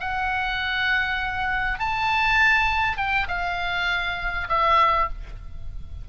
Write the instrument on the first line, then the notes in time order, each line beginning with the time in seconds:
oboe
0.00 F#5
1.79 A5
2.97 G5
3.28 F5
4.49 E5